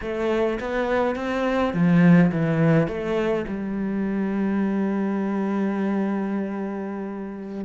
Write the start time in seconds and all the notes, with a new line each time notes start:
0.01 A3
0.60 B3
1.15 C4
1.73 F3
2.31 E3
2.87 A3
3.47 G3